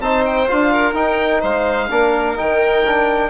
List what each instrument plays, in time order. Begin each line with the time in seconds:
0.00 bassoon C4, trombone D#4, violin C5, oboe A5
0.26 oboe G5
0.48 bassoon D4, trombone F4, oboe F5
0.72 violin A#4
0.93 bassoon D#4, trombone D#4, oboe G5
1.41 bassoon G#3, violin C5, oboe F5
1.91 bassoon A#3, trombone D4, violin A#4
2.36 bassoon D#3, trombone D#4, oboe G5
2.86 trombone D4